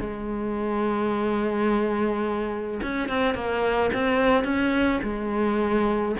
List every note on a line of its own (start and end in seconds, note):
0.00 2.80 G#3
2.82 3.08 C#4
3.08 3.34 C4
3.34 3.90 A#3
3.93 4.44 C4
4.44 5.00 C#4
5.03 6.15 G#3